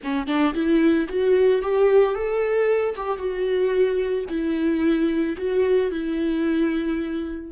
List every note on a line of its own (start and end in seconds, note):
0.03 0.27 C#4
0.27 0.54 D4
0.54 1.08 E4
1.08 1.62 F#4
1.62 2.14 G4
2.14 2.95 A4
2.95 3.18 G4
3.18 4.25 F#4
4.29 5.36 E4
5.37 5.91 F#4
5.91 7.51 E4